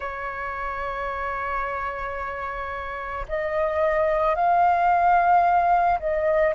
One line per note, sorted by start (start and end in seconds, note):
0.00 3.26 C#5
3.28 4.35 D#5
4.35 5.99 F5
5.99 6.54 D#5